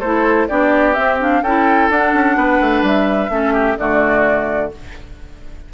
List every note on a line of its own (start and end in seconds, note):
0.00 0.48 A3
0.00 0.49 E4
0.00 0.47 A4
0.00 0.48 C5
0.48 0.97 B3
0.48 0.95 D4
0.48 1.43 G4
0.48 0.94 D5
0.94 1.18 C4
0.94 1.42 C4
0.94 1.17 E5
1.19 1.43 D4
1.19 1.43 F5
1.42 1.89 C#4
1.42 1.92 E4
1.42 2.37 A4
1.42 1.90 G5
1.90 2.14 D4
1.90 3.30 D4
1.90 2.85 F#5
2.14 2.36 C#4
2.36 2.60 B3
2.36 3.31 B4
2.61 2.83 A3
2.83 3.29 G3
2.83 3.78 E5
3.29 3.76 A3
3.29 3.77 C#4
3.29 3.53 A4
3.53 3.76 G4
3.78 4.72 D3
3.78 4.72 A3
3.78 4.74 F#4
3.78 4.72 D5